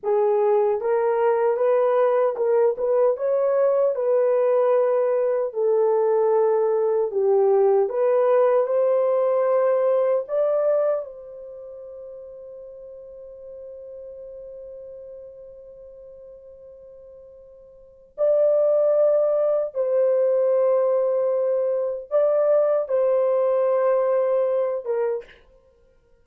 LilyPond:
\new Staff \with { instrumentName = "horn" } { \time 4/4 \tempo 4 = 76 gis'4 ais'4 b'4 ais'8 b'8 | cis''4 b'2 a'4~ | a'4 g'4 b'4 c''4~ | c''4 d''4 c''2~ |
c''1~ | c''2. d''4~ | d''4 c''2. | d''4 c''2~ c''8 ais'8 | }